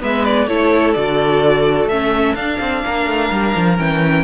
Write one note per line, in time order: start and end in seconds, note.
0.00 0.47 G#3
0.00 0.47 B3
0.00 0.48 B4
0.00 0.25 E5
0.25 0.47 D5
0.47 0.94 A3
0.47 0.96 E4
0.47 2.85 A4
0.47 0.94 C#5
0.94 1.86 D3
0.94 1.90 F#4
0.94 1.88 D5
1.86 2.33 A3
1.86 2.36 C#4
1.86 2.35 E5
2.35 2.58 D4
2.35 3.78 D4
2.35 3.77 F5
2.60 2.84 C4
2.85 3.06 A#3
2.85 4.24 A#4
3.06 3.30 A3
3.31 3.55 G3
3.56 3.78 F3
3.78 4.24 E3
3.78 4.24 C#4
3.78 4.24 G5